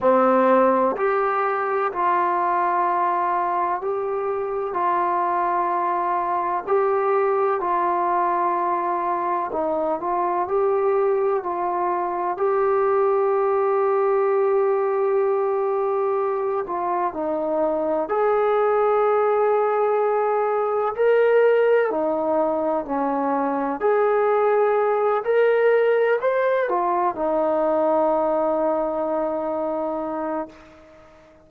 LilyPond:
\new Staff \with { instrumentName = "trombone" } { \time 4/4 \tempo 4 = 63 c'4 g'4 f'2 | g'4 f'2 g'4 | f'2 dis'8 f'8 g'4 | f'4 g'2.~ |
g'4. f'8 dis'4 gis'4~ | gis'2 ais'4 dis'4 | cis'4 gis'4. ais'4 c''8 | f'8 dis'2.~ dis'8 | }